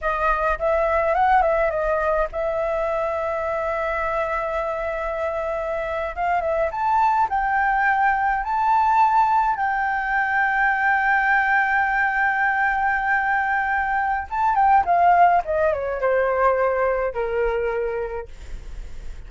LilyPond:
\new Staff \with { instrumentName = "flute" } { \time 4/4 \tempo 4 = 105 dis''4 e''4 fis''8 e''8 dis''4 | e''1~ | e''2~ e''8. f''8 e''8 a''16~ | a''8. g''2 a''4~ a''16~ |
a''8. g''2.~ g''16~ | g''1~ | g''4 a''8 g''8 f''4 dis''8 cis''8 | c''2 ais'2 | }